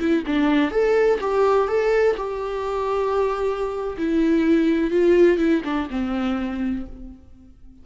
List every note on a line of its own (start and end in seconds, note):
0.00 0.24 E4
0.27 0.72 D4
0.72 1.20 A4
1.21 1.68 G4
1.68 2.16 A4
2.17 3.97 G4
3.98 4.91 E4
4.91 5.38 F4
5.38 5.62 E4
5.64 5.88 D4
5.90 6.86 C4